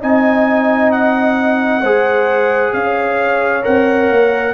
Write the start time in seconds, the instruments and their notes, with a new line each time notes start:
0.00 tuba C4, trombone D#4, horn D#5, trumpet G#5
0.91 trumpet F#5
1.80 tuba G#3, trombone G#4, horn C5
2.73 tuba C#4, horn C#5, trumpet F5
3.62 tuba C4, trombone A#4, trumpet F#5
4.09 tuba A#3